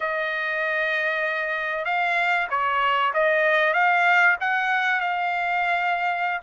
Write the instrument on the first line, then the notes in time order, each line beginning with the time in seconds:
trumpet
0.00 D#5
1.84 F5
2.50 C#5
3.13 D#5
3.73 F5
4.40 F#5
5.00 F5